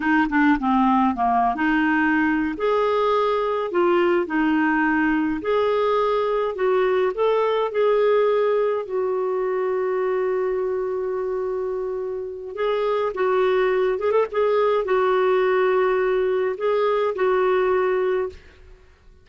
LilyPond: \new Staff \with { instrumentName = "clarinet" } { \time 4/4 \tempo 4 = 105 dis'8 d'8 c'4 ais8. dis'4~ dis'16~ | dis'8 gis'2 f'4 dis'8~ | dis'4. gis'2 fis'8~ | fis'8 a'4 gis'2 fis'8~ |
fis'1~ | fis'2 gis'4 fis'4~ | fis'8 gis'16 a'16 gis'4 fis'2~ | fis'4 gis'4 fis'2 | }